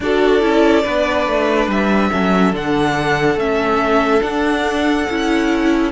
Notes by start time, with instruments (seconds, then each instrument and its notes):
0.00 cello D4, viola F#4, violin A4 D5
0.40 cello C#4, viola E4
0.83 cello B3, viola D4, violin B4
1.27 cello A3
1.67 cello G3, violin E5
2.11 cello F#3, viola C#4, violin A4
2.52 cello D3, viola D4, violin F#5
3.36 cello A3, viola C#4, violin E5
4.20 viola D4, cello D4, violin F#5
5.10 cello C#4, viola E4